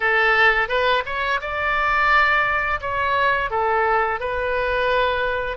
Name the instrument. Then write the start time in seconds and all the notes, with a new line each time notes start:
oboe
0.00 A4
0.68 B4
1.05 C#5
1.40 D5
2.80 C#5
3.50 A4
4.20 B4